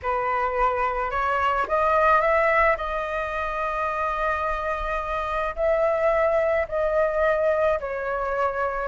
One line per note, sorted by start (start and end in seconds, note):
0.02 1.10 B4
1.10 1.66 C#5
1.67 2.21 D#5
2.21 2.76 E5
2.77 5.55 D#5
5.55 6.66 E5
6.68 7.79 D#5
7.80 8.88 C#5